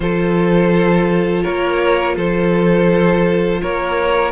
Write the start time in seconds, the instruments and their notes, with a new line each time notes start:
0.00 cello F3, viola F4, violin A4 C5
1.42 cello A#3, violin A#4 C#5
2.16 cello F3, violin A4 C5
3.61 cello A#3, violin A#4 C#5